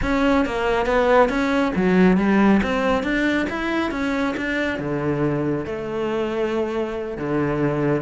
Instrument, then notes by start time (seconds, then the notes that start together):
cello
0.02 C#4
0.45 A#3
0.85 B3
1.29 C#4
1.75 F#3
2.17 G3
2.63 C4
3.03 D4
3.49 E4
3.91 C#4
4.36 D4
4.78 D3
5.65 A3
7.17 D3